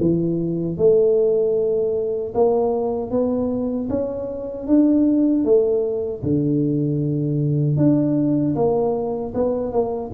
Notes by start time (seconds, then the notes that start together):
0.00 E3
0.77 A3
2.34 A#3
3.10 B3
3.89 C#4
4.67 D4
5.44 A3
6.23 D3
7.77 D4
8.55 A#3
9.34 B3
9.72 A#3